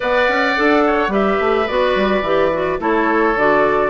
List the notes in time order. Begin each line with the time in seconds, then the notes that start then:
0.00 B3 B4 D5 F#5
0.28 C#4
0.56 D4 A4
0.86 C#5
1.07 G3 G4 B4 E5
1.40 A3
1.67 B3 F#4 D5
1.95 G3
2.21 E3 G4
2.52 F#4
2.78 A3 E4 A4 C#5
3.35 D3 F#4 D5